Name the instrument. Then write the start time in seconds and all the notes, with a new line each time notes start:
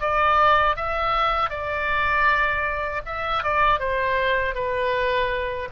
oboe
0.00 D5
0.76 E5
1.49 D5
3.05 E5
3.43 D5
3.79 C5
4.54 B4